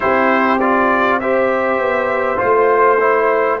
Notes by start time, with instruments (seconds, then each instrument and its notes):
0.00 tuba C4, trombone E4, horn G4, trumpet C5
0.60 trombone F4, trumpet D5
1.20 trombone G4, horn C5, trumpet E5
1.78 tuba B3
2.37 tuba A3, trombone F4, trumpet C5
3.00 trombone E4